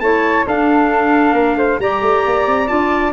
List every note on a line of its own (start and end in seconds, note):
0.00 0.45 A3
0.00 0.46 E4
0.00 0.47 C#5
0.00 0.44 A5
0.47 1.33 D4
0.47 1.80 D4
0.47 1.34 A4
0.47 1.81 F5
1.33 1.55 A#3
1.33 1.56 A#4
1.55 1.77 A3
1.55 1.80 C5
1.79 2.01 G3
1.79 2.67 G4
1.79 3.13 D5
1.79 2.68 A#5
2.01 2.23 A3
2.26 2.46 A#3
2.46 2.69 C4
2.67 3.13 D4
2.67 3.12 F4
2.67 3.12 A5